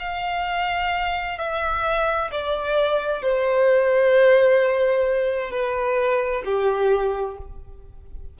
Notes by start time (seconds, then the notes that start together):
0.00 F5
1.39 E5
2.32 D5
3.22 C5
5.51 B4
6.45 G4